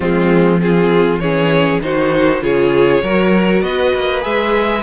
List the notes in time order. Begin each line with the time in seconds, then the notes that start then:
0.00 F3 G#3 C4 F4
0.59 C4 F4 G#4
1.19 E3 C#4 G#4 C#5
1.81 D#3 D#4 F#4 C5
2.41 C#3 F4 G#4 C#5
3.03 F#3 F#4 A#4
3.61 B3 B4 D#5
3.95 A#3
4.21 G#3 G#4 E5